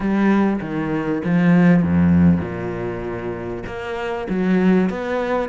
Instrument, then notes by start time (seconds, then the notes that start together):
cello
0.00 G3
0.61 D#3
1.24 F3
1.83 F2
2.40 A#2
3.66 A#3
4.29 F#3
4.89 B3